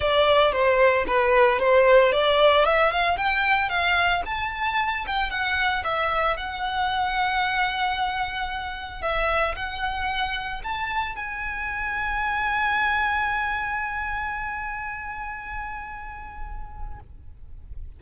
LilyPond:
\new Staff \with { instrumentName = "violin" } { \time 4/4 \tempo 4 = 113 d''4 c''4 b'4 c''4 | d''4 e''8 f''8 g''4 f''4 | a''4. g''8 fis''4 e''4 | fis''1~ |
fis''4 e''4 fis''2 | a''4 gis''2.~ | gis''1~ | gis''1 | }